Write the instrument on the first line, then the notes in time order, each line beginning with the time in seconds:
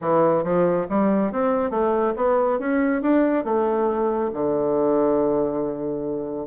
bassoon
0.01 E3
0.43 F3
0.89 G3
1.32 C4
1.70 A3
2.16 B3
2.59 C#4
3.02 D4
3.44 A3
4.33 D3